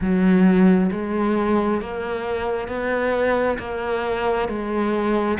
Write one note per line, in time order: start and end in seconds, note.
0.00 0.90 F#3
0.92 1.81 G#3
1.81 2.68 A#3
2.68 3.57 B3
3.59 4.48 A#3
4.48 5.38 G#3